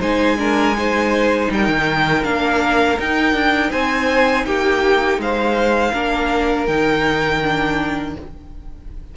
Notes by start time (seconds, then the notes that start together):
0.00 G#3 D#4 C5 G#5
0.38 D4 A#4
0.78 D#4 C5
1.51 G3 A#4 G5
1.68 D#3
2.23 A#3 D4 F5
2.99 D#4 G5
3.34 D4
3.71 C4 C5 G#5
4.46 A#3 G4 G5
5.19 G#3 C5 F5
5.93 A#3 D4 A#4
6.67 D#3 D#4 G5
7.43 D4